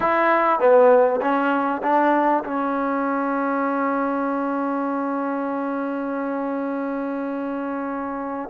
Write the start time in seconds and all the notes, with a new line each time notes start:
0.00 E4
0.59 B3
1.21 C#4
1.82 D4
2.44 C#4